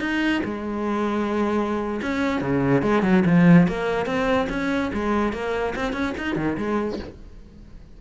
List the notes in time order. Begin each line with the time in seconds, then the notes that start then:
0.00 D#4
0.44 G#3
2.02 C#4
2.41 C#3
2.82 G#3
3.02 F#3
3.26 F3
3.67 A#3
4.06 C4
4.49 C#4
4.93 G#3
5.33 A#3
5.75 C4
5.93 C#4
6.17 D#4
6.36 D#3
6.57 G#3